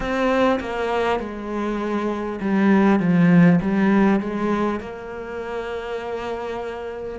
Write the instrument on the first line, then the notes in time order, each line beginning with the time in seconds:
cello
0.00 C4
0.59 A#3
1.19 G#3
2.40 G3
2.99 F3
3.61 G3
4.20 G#3
4.79 A#3